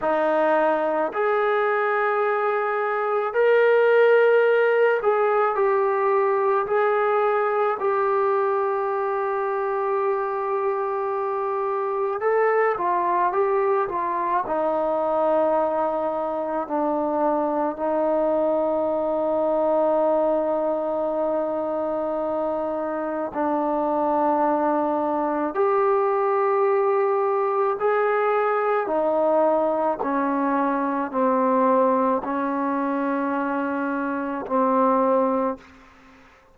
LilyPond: \new Staff \with { instrumentName = "trombone" } { \time 4/4 \tempo 4 = 54 dis'4 gis'2 ais'4~ | ais'8 gis'8 g'4 gis'4 g'4~ | g'2. a'8 f'8 | g'8 f'8 dis'2 d'4 |
dis'1~ | dis'4 d'2 g'4~ | g'4 gis'4 dis'4 cis'4 | c'4 cis'2 c'4 | }